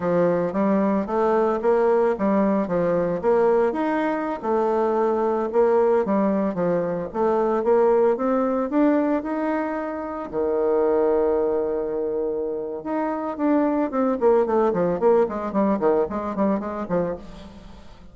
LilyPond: \new Staff \with { instrumentName = "bassoon" } { \time 4/4 \tempo 4 = 112 f4 g4 a4 ais4 | g4 f4 ais4 dis'4~ | dis'16 a2 ais4 g8.~ | g16 f4 a4 ais4 c'8.~ |
c'16 d'4 dis'2 dis8.~ | dis1 | dis'4 d'4 c'8 ais8 a8 f8 | ais8 gis8 g8 dis8 gis8 g8 gis8 f8 | }